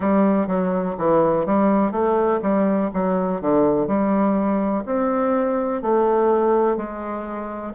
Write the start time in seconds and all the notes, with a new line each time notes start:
0.00 G3
0.47 F#3
0.98 E3
1.46 G3
1.91 A3
2.42 G3
2.93 F#3
3.41 D3
3.87 G3
4.85 C4
5.82 A3
6.77 G#3